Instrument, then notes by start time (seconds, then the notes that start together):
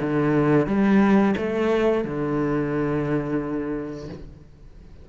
cello
0.00 D3
0.66 G3
1.37 A3
2.04 D3